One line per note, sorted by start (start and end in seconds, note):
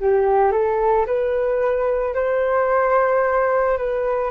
0.00 0.52 G4
0.52 1.06 A4
1.07 2.14 B4
2.14 3.78 C5
3.78 4.31 B4